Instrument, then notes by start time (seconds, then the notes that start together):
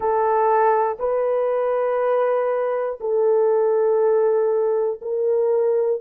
horn
0.00 A4
0.99 B4
3.00 A4
5.01 A#4